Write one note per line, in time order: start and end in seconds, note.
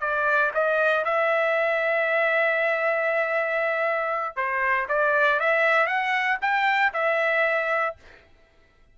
0.00 0.51 D5
0.54 1.04 D#5
1.04 4.36 E5
4.36 4.87 C5
4.88 5.40 D5
5.40 5.86 E5
5.86 6.38 F#5
6.41 6.92 G5
6.93 7.96 E5